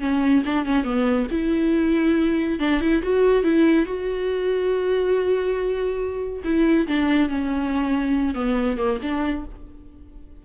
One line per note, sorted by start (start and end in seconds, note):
0.00 0.43 C#4
0.45 0.65 D4
0.65 0.84 C#4
0.84 1.27 B3
1.31 2.59 E4
2.59 2.81 D4
2.81 3.02 E4
3.03 3.43 F#4
3.43 3.86 E4
3.86 6.43 F#4
6.44 6.87 E4
6.87 7.29 D4
7.29 8.35 C#4
8.35 8.77 B3
8.77 8.99 A#3
9.02 9.45 D4